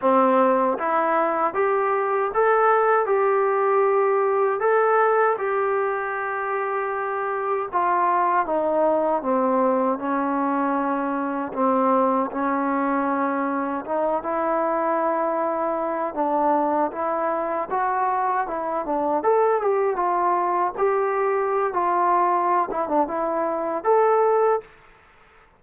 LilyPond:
\new Staff \with { instrumentName = "trombone" } { \time 4/4 \tempo 4 = 78 c'4 e'4 g'4 a'4 | g'2 a'4 g'4~ | g'2 f'4 dis'4 | c'4 cis'2 c'4 |
cis'2 dis'8 e'4.~ | e'4 d'4 e'4 fis'4 | e'8 d'8 a'8 g'8 f'4 g'4~ | g'16 f'4~ f'16 e'16 d'16 e'4 a'4 | }